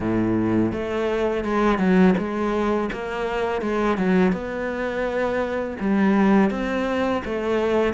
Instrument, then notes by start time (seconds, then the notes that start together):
cello
0.00 A2
0.72 A3
1.44 G#3
1.78 F#3
2.18 G#3
2.92 A#3
3.61 G#3
3.97 F#3
4.32 B3
5.80 G3
6.50 C4
7.25 A3